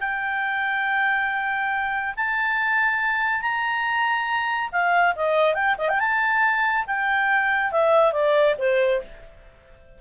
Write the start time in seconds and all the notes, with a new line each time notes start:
0.00 G5
2.16 A5
3.41 A#5
4.72 F5
5.15 D#5
5.54 G5
5.78 D#5
5.89 G5
5.99 A5
6.86 G5
7.71 E5
8.12 D5
8.58 C5